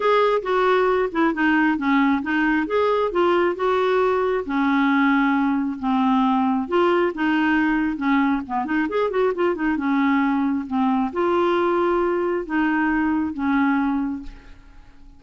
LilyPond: \new Staff \with { instrumentName = "clarinet" } { \time 4/4 \tempo 4 = 135 gis'4 fis'4. e'8 dis'4 | cis'4 dis'4 gis'4 f'4 | fis'2 cis'2~ | cis'4 c'2 f'4 |
dis'2 cis'4 b8 dis'8 | gis'8 fis'8 f'8 dis'8 cis'2 | c'4 f'2. | dis'2 cis'2 | }